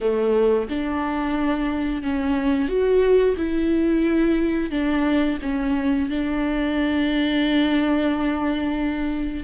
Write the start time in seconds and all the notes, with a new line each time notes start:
0.01 A3
0.69 D4
2.02 C#4
2.68 F#4
3.36 E4
4.70 D4
5.42 C#4
6.09 D4